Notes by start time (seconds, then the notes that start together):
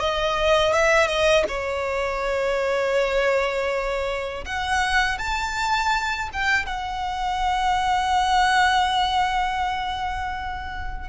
0.00 D#5
0.73 E5
1.07 D#5
1.48 C#5
4.45 F#5
5.19 A5
6.33 G5
6.66 F#5